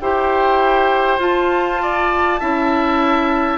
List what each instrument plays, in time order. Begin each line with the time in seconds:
0.00 bassoon E4, clarinet G4, oboe C5, flute G5
1.18 bassoon F4, clarinet F4, flute A5
1.82 oboe D5
2.39 bassoon C#4, clarinet E4, oboe E5